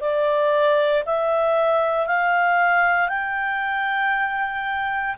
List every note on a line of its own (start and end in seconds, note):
0.00 1.03 D5
1.05 2.06 E5
2.06 3.08 F5
3.08 5.15 G5